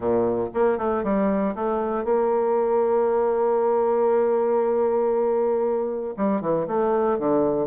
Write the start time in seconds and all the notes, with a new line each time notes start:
0.00 A#2
0.54 A#3
0.78 A3
1.03 G3
1.55 A3
2.04 A#3
6.17 G3
6.41 E3
6.67 A3
7.18 D3